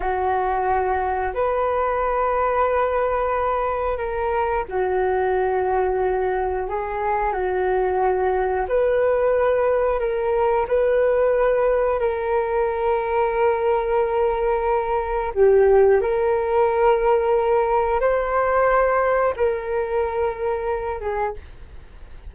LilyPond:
\new Staff \with { instrumentName = "flute" } { \time 4/4 \tempo 4 = 90 fis'2 b'2~ | b'2 ais'4 fis'4~ | fis'2 gis'4 fis'4~ | fis'4 b'2 ais'4 |
b'2 ais'2~ | ais'2. g'4 | ais'2. c''4~ | c''4 ais'2~ ais'8 gis'8 | }